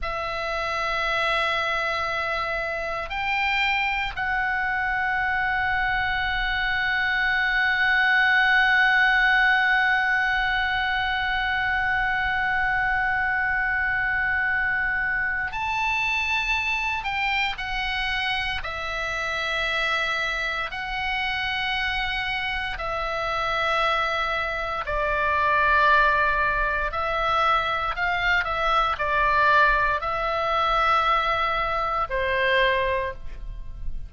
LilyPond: \new Staff \with { instrumentName = "oboe" } { \time 4/4 \tempo 4 = 58 e''2. g''4 | fis''1~ | fis''1~ | fis''2. a''4~ |
a''8 g''8 fis''4 e''2 | fis''2 e''2 | d''2 e''4 f''8 e''8 | d''4 e''2 c''4 | }